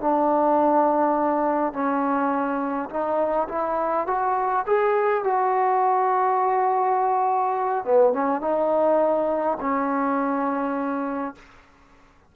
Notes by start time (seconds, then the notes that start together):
0.00 D4
1.73 C#4
2.89 D#4
3.48 E4
4.07 F#4
4.66 G#4
5.23 F#4
7.84 B3
8.13 C#4
8.41 D#4
9.60 C#4